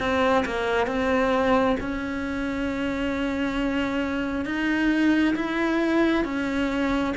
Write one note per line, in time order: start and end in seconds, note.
0.00 0.45 C4
0.46 0.87 A#3
0.87 1.77 C4
1.80 4.46 C#4
4.46 5.35 D#4
5.36 6.25 E4
6.25 7.14 C#4